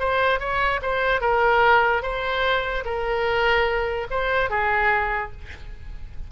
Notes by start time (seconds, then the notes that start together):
0.00 C5
0.40 C#5
0.83 C5
1.22 A#4
2.03 C5
2.85 A#4
4.11 C5
4.50 G#4